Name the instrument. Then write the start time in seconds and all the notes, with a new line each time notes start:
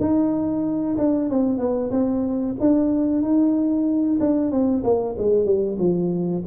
tuba
0.00 D#4
0.98 D4
1.30 C4
1.58 B3
1.91 C4
2.60 D4
3.22 D#4
4.20 D4
4.51 C4
4.84 A#3
5.18 G#3
5.45 G3
5.79 F3